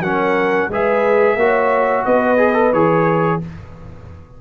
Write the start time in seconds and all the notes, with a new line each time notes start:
0.00 F#3 C#4 A#4 F#5
0.69 G#3 G#4 B4 E5
1.36 A#3 F#4 C#5
2.05 B3 B4 D#5
2.38 G#4
2.54 A4
2.73 E3 G#4 C#5